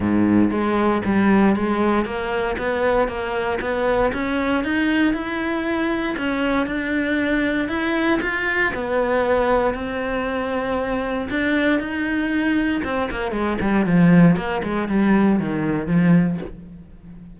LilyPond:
\new Staff \with { instrumentName = "cello" } { \time 4/4 \tempo 4 = 117 gis,4 gis4 g4 gis4 | ais4 b4 ais4 b4 | cis'4 dis'4 e'2 | cis'4 d'2 e'4 |
f'4 b2 c'4~ | c'2 d'4 dis'4~ | dis'4 c'8 ais8 gis8 g8 f4 | ais8 gis8 g4 dis4 f4 | }